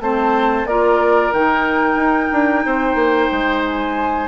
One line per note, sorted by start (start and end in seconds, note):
0.00 0.65 A3
0.00 0.67 C4
0.00 0.68 C5
0.00 0.67 A5
0.65 1.31 A#3
0.65 1.34 F4
0.65 2.66 A#4
0.65 1.33 D5
1.33 1.95 D#3
1.33 4.29 D#4
1.33 3.64 G5
1.95 2.28 D#4
2.32 2.65 D4
2.66 2.95 C4
2.66 4.29 C5
2.95 3.28 A#3
3.32 4.29 G#3
3.66 4.29 G#5